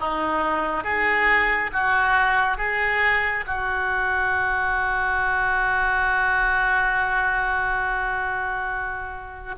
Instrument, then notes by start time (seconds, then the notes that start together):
oboe
0.00 D#4
0.84 G#4
1.73 F#4
2.58 G#4
3.47 F#4